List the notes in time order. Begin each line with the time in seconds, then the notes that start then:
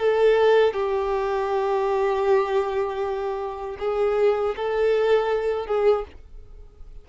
0.00 A4
0.74 G4
3.79 G#4
4.56 A4
5.67 G#4